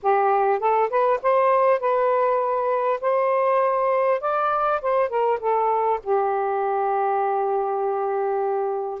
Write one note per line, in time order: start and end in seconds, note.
0.02 0.59 G4
0.59 0.89 A4
0.90 1.20 B4
1.22 1.80 C5
1.80 3.00 B4
3.00 4.20 C5
4.20 4.80 D5
4.81 5.09 C5
5.09 5.39 A#4
5.40 6.00 A4
6.03 9.00 G4